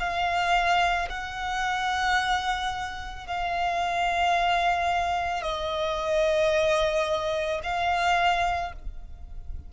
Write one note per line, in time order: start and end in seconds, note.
0.00 1.09 F5
1.10 3.27 F#5
3.27 5.42 F5
5.42 7.61 D#5
7.64 8.73 F5